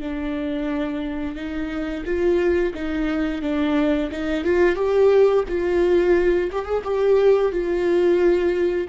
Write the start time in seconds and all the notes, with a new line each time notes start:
0.00 D4
1.36 D#4
2.05 F4
2.74 D#4
3.42 D4
4.12 D#4
4.44 F4
4.76 G4
5.49 F4
6.52 G4
6.65 G#4
6.84 G4
7.52 F4